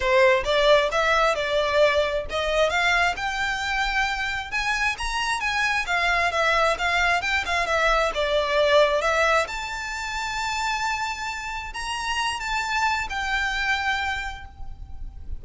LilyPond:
\new Staff \with { instrumentName = "violin" } { \time 4/4 \tempo 4 = 133 c''4 d''4 e''4 d''4~ | d''4 dis''4 f''4 g''4~ | g''2 gis''4 ais''4 | gis''4 f''4 e''4 f''4 |
g''8 f''8 e''4 d''2 | e''4 a''2.~ | a''2 ais''4. a''8~ | a''4 g''2. | }